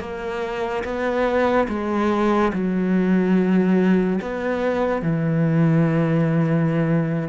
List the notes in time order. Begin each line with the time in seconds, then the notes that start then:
0.00 A#3
0.84 B3
1.68 G#3
2.53 F#3
4.22 B3
5.02 E3